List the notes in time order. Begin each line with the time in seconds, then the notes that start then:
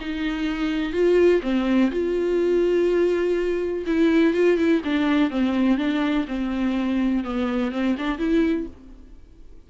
0.00 D#4
0.93 F4
1.42 C4
1.91 F4
3.86 E4
4.33 F4
4.57 E4
4.84 D4
5.30 C4
5.77 D4
6.27 C4
7.24 B3
7.71 C4
7.98 D4
8.18 E4